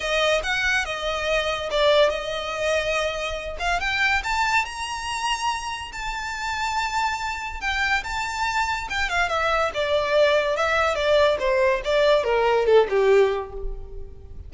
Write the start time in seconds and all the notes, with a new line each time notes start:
0.00 D#5
0.43 F#5
0.85 D#5
1.70 D5
2.09 D#5
3.59 F5
3.80 G5
4.23 A5
4.65 A#5
5.92 A5
7.60 G5
8.03 A5
8.89 G5
9.09 F5
9.28 E5
9.74 D5
10.56 E5
10.95 D5
11.39 C5
11.84 D5
12.23 A#4
12.65 A4
12.89 G4